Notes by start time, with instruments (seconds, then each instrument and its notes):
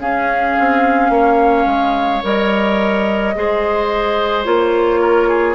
0.00 clarinet C#4, bassoon C#4, oboe G#4, flute F5
0.59 bassoon C4
1.09 bassoon A#3, oboe C#5
1.66 bassoon G#3
2.23 bassoon G3, clarinet A#4, flute D#5
3.35 bassoon G#3, clarinet G#4, oboe C5
4.44 bassoon A#3, clarinet F4, flute C#5
5.01 oboe A#4
5.28 oboe G#4